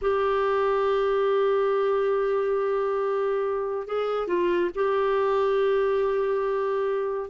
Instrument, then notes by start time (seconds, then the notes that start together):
clarinet
0.01 G4
3.86 G#4
4.27 F4
4.74 G4